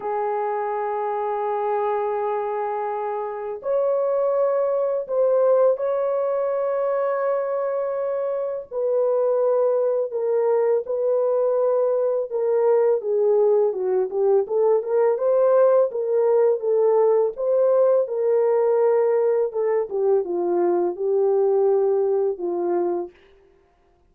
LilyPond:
\new Staff \with { instrumentName = "horn" } { \time 4/4 \tempo 4 = 83 gis'1~ | gis'4 cis''2 c''4 | cis''1 | b'2 ais'4 b'4~ |
b'4 ais'4 gis'4 fis'8 g'8 | a'8 ais'8 c''4 ais'4 a'4 | c''4 ais'2 a'8 g'8 | f'4 g'2 f'4 | }